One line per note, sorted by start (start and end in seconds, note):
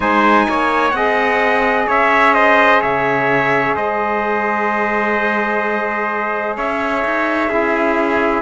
0.00 0.47 G#3
0.00 0.93 D#4
0.00 0.47 C5
0.00 0.90 G#5
0.49 0.92 A#3
0.49 0.96 C#5
0.90 1.86 C4
0.90 7.48 G#4
0.90 1.87 D#5
0.90 1.84 F#5
1.87 2.82 C#4
1.87 2.34 C#5
1.87 2.34 E5
2.34 2.80 C5
2.34 2.81 D#5
2.80 3.76 C#3
2.80 3.74 C#5
2.80 3.75 E5
3.75 6.57 G#3
3.75 6.56 C5
3.75 6.57 D#5
6.56 7.04 C#4
6.56 7.48 C#5
6.56 8.41 E5
7.04 7.49 D#4
7.48 8.41 C#4
7.48 8.41 E4
7.48 8.41 G#4